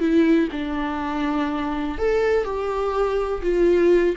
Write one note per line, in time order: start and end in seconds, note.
0.00 0.49 E4
0.52 1.98 D4
1.98 2.44 A4
2.44 3.42 G4
3.42 4.15 F4